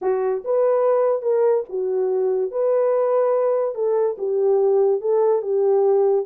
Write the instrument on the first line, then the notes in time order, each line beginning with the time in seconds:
horn
0.01 F#4
0.44 B4
1.22 A#4
1.69 F#4
2.51 B4
3.74 A4
4.17 G4
5.00 A4
5.42 G4